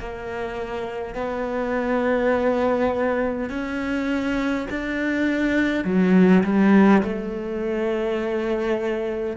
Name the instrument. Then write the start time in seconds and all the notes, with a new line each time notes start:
cello
0.00 A#3
1.15 B3
3.50 C#4
4.71 D4
5.84 F#3
6.44 G3
7.03 A3